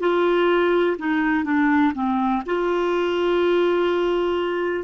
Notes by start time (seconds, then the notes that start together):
0.00 F4
0.98 D#4
1.44 D4
1.94 C4
2.45 F4